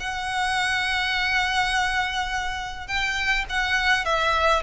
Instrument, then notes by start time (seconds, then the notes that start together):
violin
0.00 F#5
2.88 G5
3.50 F#5
4.05 E5